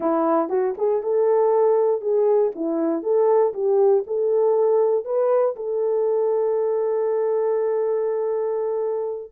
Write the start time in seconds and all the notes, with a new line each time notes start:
0.00 E4
0.49 F#4
0.77 G#4
1.02 A4
2.01 G#4
2.55 E4
3.02 A4
3.53 G4
4.06 A4
5.04 B4
5.56 A4